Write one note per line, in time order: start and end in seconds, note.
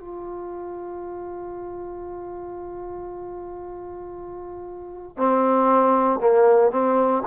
0.00 5.17 F4
5.17 6.21 C4
6.21 6.71 A#3
6.71 7.23 C4